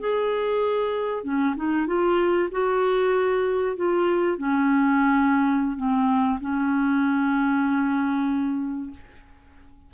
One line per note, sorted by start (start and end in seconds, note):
0.00 1.24 G#4
1.24 1.55 C#4
1.57 1.87 D#4
1.87 2.49 F4
2.51 3.76 F#4
3.76 4.38 F4
4.38 5.77 C#4
5.77 6.39 C4
6.41 8.91 C#4